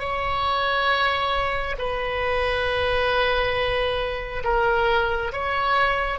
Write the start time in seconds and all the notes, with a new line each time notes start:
0.00 C#5
1.78 B4
4.44 A#4
5.33 C#5